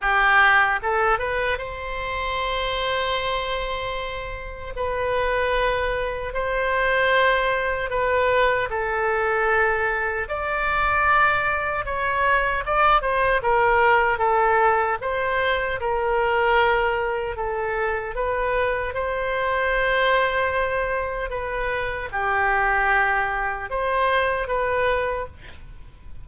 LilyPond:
\new Staff \with { instrumentName = "oboe" } { \time 4/4 \tempo 4 = 76 g'4 a'8 b'8 c''2~ | c''2 b'2 | c''2 b'4 a'4~ | a'4 d''2 cis''4 |
d''8 c''8 ais'4 a'4 c''4 | ais'2 a'4 b'4 | c''2. b'4 | g'2 c''4 b'4 | }